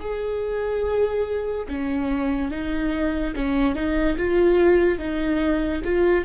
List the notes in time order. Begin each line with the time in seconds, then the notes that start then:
0.00 G#4
1.69 C#4
2.51 D#4
3.36 C#4
3.75 D#4
4.17 F4
4.98 D#4
5.85 F4